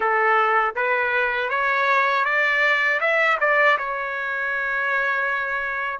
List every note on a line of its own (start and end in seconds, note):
0.00 0.75 A4
0.75 1.49 B4
1.49 2.24 C#5
2.25 3.00 D5
3.00 3.38 E5
3.40 3.77 D5
3.77 5.99 C#5